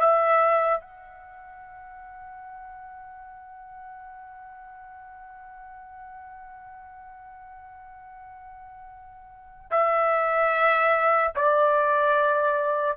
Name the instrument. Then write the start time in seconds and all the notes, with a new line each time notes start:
trumpet
0.00 E5
0.80 F#5
9.71 E5
11.35 D5